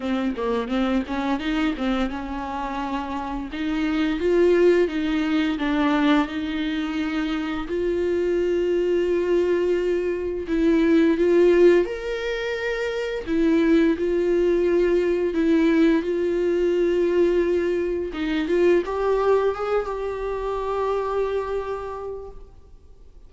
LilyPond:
\new Staff \with { instrumentName = "viola" } { \time 4/4 \tempo 4 = 86 c'8 ais8 c'8 cis'8 dis'8 c'8 cis'4~ | cis'4 dis'4 f'4 dis'4 | d'4 dis'2 f'4~ | f'2. e'4 |
f'4 ais'2 e'4 | f'2 e'4 f'4~ | f'2 dis'8 f'8 g'4 | gis'8 g'2.~ g'8 | }